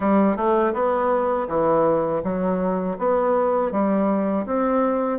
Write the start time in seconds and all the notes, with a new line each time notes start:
0.00 G3
0.36 A3
0.73 B3
1.48 E3
2.23 F#3
2.98 B3
3.71 G3
4.45 C4